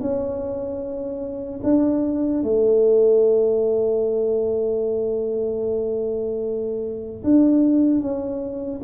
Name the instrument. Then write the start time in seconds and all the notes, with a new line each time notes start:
tuba
0.00 C#4
1.63 D4
2.43 A3
7.23 D4
8.00 C#4